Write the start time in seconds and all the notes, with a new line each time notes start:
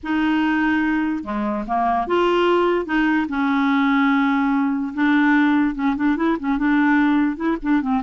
0.03 D#4
1.23 G#3
1.67 A#3
2.07 F4
2.85 D#4
3.28 C#4
4.94 D4
5.74 C#4
5.96 D4
6.16 E4
6.39 C#4
6.58 D4
7.36 E4
7.62 D4
7.81 C4